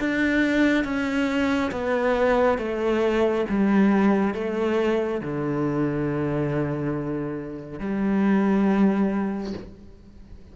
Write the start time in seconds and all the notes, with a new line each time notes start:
0.00 D4
0.84 C#4
1.72 B3
2.58 A3
3.49 G3
4.34 A3
5.21 D3
7.79 G3